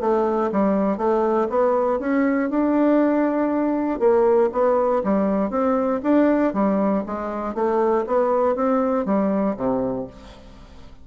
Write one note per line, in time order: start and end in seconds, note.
0.00 0.50 A3
0.52 0.97 G3
0.97 1.47 A3
1.49 1.99 B3
1.99 2.49 C#4
2.49 3.99 D4
3.99 4.49 A#3
4.52 5.02 B3
5.04 5.50 G3
5.50 6.00 C4
6.03 6.53 D4
6.53 7.03 G3
7.06 7.54 G#3
7.54 8.05 A3
8.06 8.55 B3
8.55 9.05 C4
9.05 9.55 G3
9.56 10.07 C3